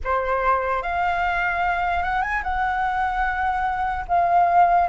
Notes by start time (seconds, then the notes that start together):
0.04 C5
0.82 F5
2.03 F#5
2.22 G#5
2.43 F#5
4.08 F5